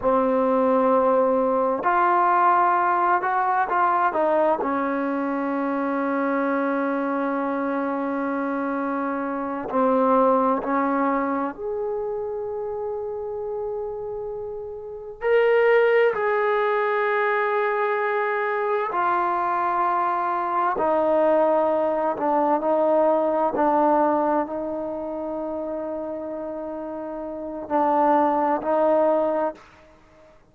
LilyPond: \new Staff \with { instrumentName = "trombone" } { \time 4/4 \tempo 4 = 65 c'2 f'4. fis'8 | f'8 dis'8 cis'2.~ | cis'2~ cis'8 c'4 cis'8~ | cis'8 gis'2.~ gis'8~ |
gis'8 ais'4 gis'2~ gis'8~ | gis'8 f'2 dis'4. | d'8 dis'4 d'4 dis'4.~ | dis'2 d'4 dis'4 | }